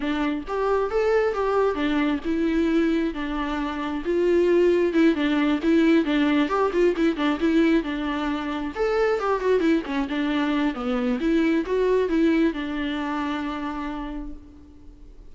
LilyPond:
\new Staff \with { instrumentName = "viola" } { \time 4/4 \tempo 4 = 134 d'4 g'4 a'4 g'4 | d'4 e'2 d'4~ | d'4 f'2 e'8 d'8~ | d'8 e'4 d'4 g'8 f'8 e'8 |
d'8 e'4 d'2 a'8~ | a'8 g'8 fis'8 e'8 cis'8 d'4. | b4 e'4 fis'4 e'4 | d'1 | }